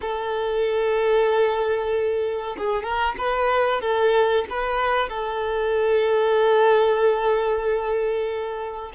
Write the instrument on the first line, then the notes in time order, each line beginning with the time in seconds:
violin
0.01 A4
2.57 G#4
2.83 A#4
3.18 B4
3.81 A4
4.49 B4
5.09 A4